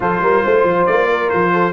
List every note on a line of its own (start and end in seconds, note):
0.00 0.20 F3
0.00 1.72 F4
0.00 0.22 A4
0.00 0.86 C5
0.20 0.42 G3
0.20 0.44 A#4
0.44 0.64 A3
0.44 1.08 C5
0.64 0.85 F3
0.86 1.31 A#3
0.86 1.29 D5
1.08 1.52 A#4
1.29 1.72 F3
1.29 1.72 C5
1.52 1.72 A4